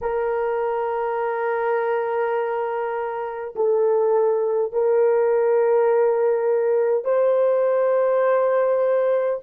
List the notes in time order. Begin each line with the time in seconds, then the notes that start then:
0.01 A#4
3.55 A4
4.72 A#4
7.04 C5